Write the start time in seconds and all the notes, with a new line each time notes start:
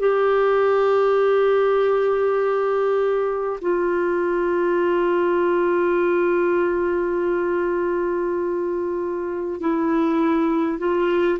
0.00 G4
3.62 F4
9.61 E4
10.78 F4